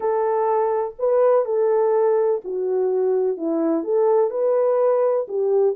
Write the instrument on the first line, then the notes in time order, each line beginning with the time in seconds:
horn
0.00 A4
0.98 B4
1.45 A4
2.44 F#4
3.37 E4
3.84 A4
4.30 B4
5.28 G4